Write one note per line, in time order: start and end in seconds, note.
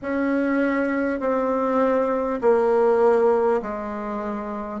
0.02 1.19 C#4
1.19 2.39 C4
2.41 3.61 A#3
3.62 4.80 G#3